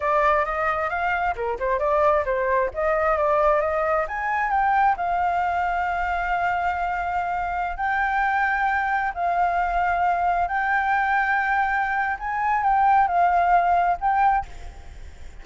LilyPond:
\new Staff \with { instrumentName = "flute" } { \time 4/4 \tempo 4 = 133 d''4 dis''4 f''4 ais'8 c''8 | d''4 c''4 dis''4 d''4 | dis''4 gis''4 g''4 f''4~ | f''1~ |
f''4~ f''16 g''2~ g''8.~ | g''16 f''2. g''8.~ | g''2. gis''4 | g''4 f''2 g''4 | }